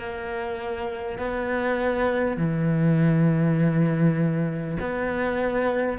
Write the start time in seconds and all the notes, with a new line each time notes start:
0.00 A#3
1.19 B3
2.38 E3
4.81 B3